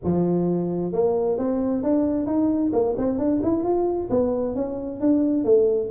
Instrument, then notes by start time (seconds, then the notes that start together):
tuba
0.04 F3
0.92 A#3
1.38 C4
1.83 D4
2.26 D#4
2.73 A#3
2.97 C4
3.18 D4
3.43 E4
3.63 F4
4.10 B3
4.55 C#4
5.00 D4
5.44 A3